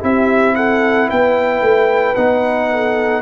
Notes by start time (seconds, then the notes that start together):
0.00 C4 E4 G4 E5
0.55 A4 F#5
1.08 B3 B4 G5
1.61 A3
2.15 B3 D#4 F#5
2.71 A4